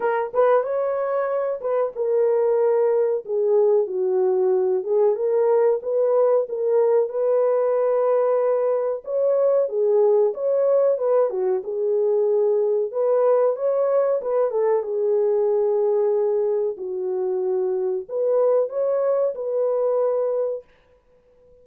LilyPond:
\new Staff \with { instrumentName = "horn" } { \time 4/4 \tempo 4 = 93 ais'8 b'8 cis''4. b'8 ais'4~ | ais'4 gis'4 fis'4. gis'8 | ais'4 b'4 ais'4 b'4~ | b'2 cis''4 gis'4 |
cis''4 b'8 fis'8 gis'2 | b'4 cis''4 b'8 a'8 gis'4~ | gis'2 fis'2 | b'4 cis''4 b'2 | }